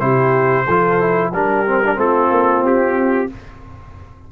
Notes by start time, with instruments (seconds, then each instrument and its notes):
0.00 tuba C3, trombone E4, horn G4, trumpet C5
0.65 tuba F3, trombone F4, horn A4
1.00 trombone E4
1.34 tuba G3, trombone D4, horn G4, trumpet A#4
1.67 trombone C4
1.84 trombone D4
1.96 tuba A3, trombone C4, horn F4, trumpet A4
2.31 tuba A#3
2.63 tuba C4, trumpet G4